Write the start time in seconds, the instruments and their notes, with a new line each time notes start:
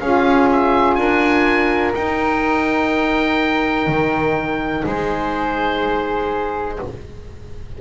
0.00 double bass C#4, saxophone F4, flute G#4, oboe F5
0.52 oboe E5
0.95 double bass D4, flute A#4, oboe G#5
1.94 saxophone D#4, double bass D#4, oboe G5
3.87 double bass D#3
4.84 double bass G#3, flute G#4, oboe C5